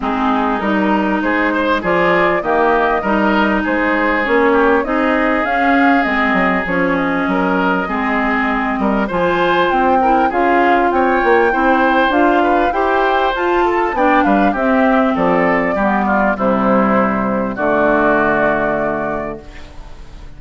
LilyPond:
<<
  \new Staff \with { instrumentName = "flute" } { \time 4/4 \tempo 4 = 99 gis'4 ais'4 c''4 d''4 | dis''2 c''4 cis''4 | dis''4 f''4 dis''4 cis''8 dis''8~ | dis''2. gis''4 |
g''4 f''4 g''2 | f''4 g''4 a''4 g''8 f''8 | e''4 d''2 c''4~ | c''4 d''2. | }
  \new Staff \with { instrumentName = "oboe" } { \time 4/4 dis'2 gis'8 c''8 gis'4 | g'4 ais'4 gis'4. g'8 | gis'1 | ais'4 gis'4. ais'8 c''4~ |
c''8 ais'8 gis'4 cis''4 c''4~ | c''8 b'8 c''4. a'8 d''8 b'8 | g'4 a'4 g'8 f'8 e'4~ | e'4 fis'2. | }
  \new Staff \with { instrumentName = "clarinet" } { \time 4/4 c'4 dis'2 f'4 | ais4 dis'2 cis'4 | dis'4 cis'4 c'4 cis'4~ | cis'4 c'2 f'4~ |
f'8 e'8 f'2 e'4 | f'4 g'4 f'4 d'4 | c'2 b4 g4~ | g4 a2. | }
  \new Staff \with { instrumentName = "bassoon" } { \time 4/4 gis4 g4 gis4 f4 | dis4 g4 gis4 ais4 | c'4 cis'4 gis8 fis8 f4 | fis4 gis4. g8 f4 |
c'4 cis'4 c'8 ais8 c'4 | d'4 e'4 f'4 b8 g8 | c'4 f4 g4 c4~ | c4 d2. | }
>>